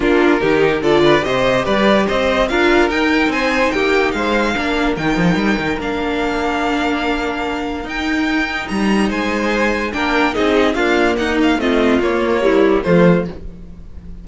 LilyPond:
<<
  \new Staff \with { instrumentName = "violin" } { \time 4/4 \tempo 4 = 145 ais'2 d''4 dis''4 | d''4 dis''4 f''4 g''4 | gis''4 g''4 f''2 | g''2 f''2~ |
f''2. g''4~ | g''4 ais''4 gis''2 | g''4 dis''4 f''4 fis''8 f''8 | dis''4 cis''2 c''4 | }
  \new Staff \with { instrumentName = "violin" } { \time 4/4 f'4 g'4 a'8 b'8 c''4 | b'4 c''4 ais'2 | c''4 g'4 c''4 ais'4~ | ais'1~ |
ais'1~ | ais'2 c''2 | ais'4 gis'4 f'4 dis'4 | f'2 e'4 f'4 | }
  \new Staff \with { instrumentName = "viola" } { \time 4/4 d'4 dis'4 f'4 g'4~ | g'2 f'4 dis'4~ | dis'2. d'4 | dis'2 d'2~ |
d'2. dis'4~ | dis'1 | d'4 dis'4 ais2 | c'4 ais4 g4 a4 | }
  \new Staff \with { instrumentName = "cello" } { \time 4/4 ais4 dis4 d4 c4 | g4 c'4 d'4 dis'4 | c'4 ais4 gis4 ais4 | dis8 f8 g8 dis8 ais2~ |
ais2. dis'4~ | dis'4 g4 gis2 | ais4 c'4 d'4 dis'4 | a4 ais2 f4 | }
>>